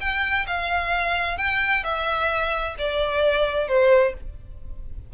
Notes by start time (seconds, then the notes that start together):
0.00 G5
0.47 F5
1.37 G5
1.83 E5
2.78 D5
3.68 C5